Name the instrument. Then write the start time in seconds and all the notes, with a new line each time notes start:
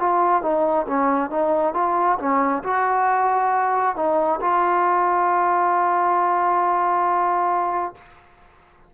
trombone
0.00 F4
0.43 D#4
0.88 C#4
1.31 D#4
1.74 F4
2.19 C#4
2.64 F#4
3.96 D#4
4.42 F4